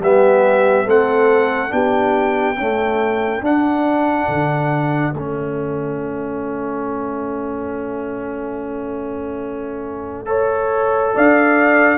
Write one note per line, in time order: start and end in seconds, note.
0.00 0.86 G3
0.00 0.87 B3
0.00 0.86 G4
0.00 0.89 E5
0.86 1.73 A3
0.86 1.69 C4
0.86 1.72 A4
0.86 1.73 F#5
1.69 2.57 B3
1.69 2.55 D4
1.69 2.57 G4
1.69 3.44 G5
2.57 3.42 A3
2.57 3.42 C#4
2.57 10.28 A4
3.42 4.28 D4
3.42 5.14 D4
3.42 5.14 F#5
4.29 5.14 D3
5.14 11.14 A3
5.14 10.26 C#4
5.14 11.14 E5
10.26 11.98 A4
10.26 11.14 C#5
11.15 11.99 D4
11.15 11.99 D5
11.15 11.99 F5